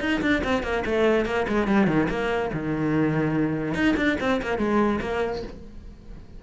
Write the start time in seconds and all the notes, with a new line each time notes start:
0.00 D#4
0.21 D4
0.44 C4
0.62 A#3
0.85 A3
1.25 A#3
1.48 G#3
1.67 G3
1.87 D#3
2.09 A#3
2.53 D#3
3.74 D#4
3.96 D4
4.20 C4
4.42 A#3
4.58 G#3
5.01 A#3